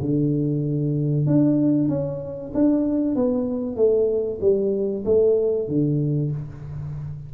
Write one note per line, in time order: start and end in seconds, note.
0.00 1.26 D3
1.26 1.88 D4
1.88 2.51 C#4
2.54 3.15 D4
3.15 3.76 B3
3.76 4.39 A3
4.41 5.04 G3
5.05 5.68 A3
5.68 6.31 D3